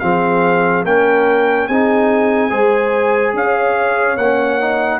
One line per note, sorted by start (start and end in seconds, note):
0.00 0.84 F3
0.00 0.85 C4
0.00 0.87 G#4
0.00 0.83 F5
0.84 1.68 A#3
0.84 1.70 C#4
0.84 1.69 A#4
0.84 1.67 G5
1.67 2.51 C4
1.67 2.50 D#4
1.67 2.51 G#4
1.67 3.34 G#5
2.50 3.33 G#3
2.50 4.17 G#4
2.50 3.34 C5
3.33 4.17 C#4
3.33 5.00 C#5
3.33 4.17 F5
4.17 5.00 A#3
4.17 4.60 C#4
4.17 5.00 F#5
4.60 5.00 D#4